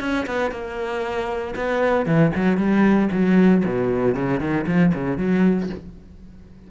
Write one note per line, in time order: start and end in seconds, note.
0.00 0.26 C#4
0.26 0.51 B3
0.51 1.54 A#3
1.55 2.06 B3
2.06 2.32 E3
2.35 2.57 F#3
2.57 3.09 G3
3.12 3.64 F#3
3.65 4.14 B2
4.14 4.40 C#3
4.40 4.66 D#3
4.67 4.93 F3
4.94 5.18 C#3
5.18 5.69 F#3